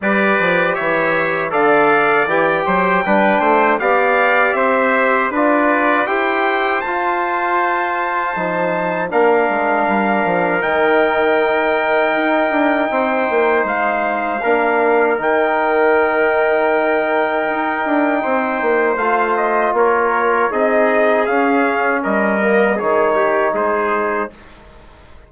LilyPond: <<
  \new Staff \with { instrumentName = "trumpet" } { \time 4/4 \tempo 4 = 79 d''4 e''4 f''4 g''4~ | g''4 f''4 e''4 d''4 | g''4 a''2. | f''2 g''2~ |
g''2 f''2 | g''1~ | g''4 f''8 dis''8 cis''4 dis''4 | f''4 dis''4 cis''4 c''4 | }
  \new Staff \with { instrumentName = "trumpet" } { \time 4/4 b'4 cis''4 d''4. c''8 | b'8 c''8 d''4 c''4 b'4 | c''1 | ais'1~ |
ais'4 c''2 ais'4~ | ais'1 | c''2 ais'4 gis'4~ | gis'4 ais'4 gis'8 g'8 gis'4 | }
  \new Staff \with { instrumentName = "trombone" } { \time 4/4 g'2 a'4 g'4 | d'4 g'2 f'4 | g'4 f'2 dis'4 | d'2 dis'2~ |
dis'2. d'4 | dis'1~ | dis'4 f'2 dis'4 | cis'4. ais8 dis'2 | }
  \new Staff \with { instrumentName = "bassoon" } { \time 4/4 g8 f8 e4 d4 e8 fis8 | g8 a8 b4 c'4 d'4 | e'4 f'2 f4 | ais8 gis8 g8 f8 dis2 |
dis'8 d'8 c'8 ais8 gis4 ais4 | dis2. dis'8 d'8 | c'8 ais8 a4 ais4 c'4 | cis'4 g4 dis4 gis4 | }
>>